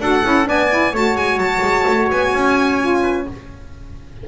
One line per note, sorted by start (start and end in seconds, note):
0.00 0.23 D4
0.00 0.24 F#4
0.00 0.49 A4
0.00 0.48 F#5
0.24 0.48 C#4
0.24 0.45 E4
0.45 0.93 B3
0.45 0.68 D4
0.45 0.93 D5
0.45 0.96 G#5
0.70 0.93 E4
0.93 1.16 A3
0.93 2.81 F#4
0.93 3.02 C#5
0.93 1.17 A5
1.16 1.37 G#3
1.16 1.39 G#5
1.37 1.60 F#3
1.37 2.09 A5
1.62 1.86 G#3
1.88 2.11 A3
2.12 2.33 B3
2.12 3.28 G#5
2.33 3.26 C#4
2.81 3.27 F4
3.02 3.25 B4